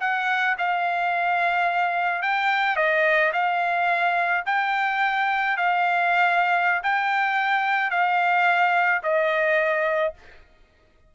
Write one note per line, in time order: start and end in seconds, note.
0.00 0.56 F#5
0.58 2.22 F5
2.22 2.76 G5
2.76 3.31 D#5
3.33 4.44 F5
4.46 5.57 G5
5.57 6.82 F5
6.83 7.90 G5
7.90 9.02 F5
9.03 10.14 D#5